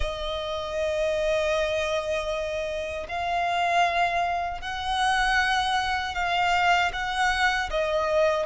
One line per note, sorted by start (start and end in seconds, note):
0.00 3.06 D#5
3.08 4.61 F5
4.61 6.14 F#5
6.14 6.91 F5
6.92 7.69 F#5
7.70 8.46 D#5